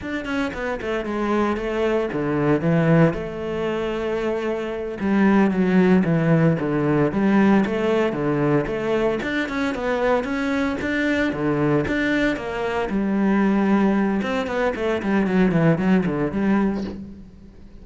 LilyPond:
\new Staff \with { instrumentName = "cello" } { \time 4/4 \tempo 4 = 114 d'8 cis'8 b8 a8 gis4 a4 | d4 e4 a2~ | a4. g4 fis4 e8~ | e8 d4 g4 a4 d8~ |
d8 a4 d'8 cis'8 b4 cis'8~ | cis'8 d'4 d4 d'4 ais8~ | ais8 g2~ g8 c'8 b8 | a8 g8 fis8 e8 fis8 d8 g4 | }